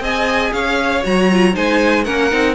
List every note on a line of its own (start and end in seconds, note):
0.00 0.51 C4
0.00 1.02 G#4
0.00 0.52 D#5
0.00 0.53 G#5
0.53 1.03 C#4
0.53 1.55 C#5
0.53 1.03 F5
1.03 1.56 F#3
1.03 1.28 F#4
1.03 1.56 A#5
1.32 1.53 F4
1.53 2.07 G#3
1.53 2.04 D#4
1.53 2.04 C5
1.53 2.04 G#5
2.04 2.32 A#3
2.04 2.31 C#4
2.04 2.55 A#4
2.04 2.55 F#5
2.31 2.55 C4
2.31 2.55 D#4